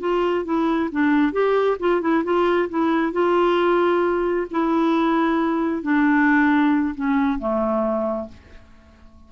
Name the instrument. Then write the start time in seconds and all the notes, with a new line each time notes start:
clarinet
0.00 F4
0.45 E4
0.92 D4
1.32 G4
1.80 F4
2.01 E4
2.24 F4
2.69 E4
3.13 F4
4.51 E4
5.83 D4
6.95 C#4
7.39 A3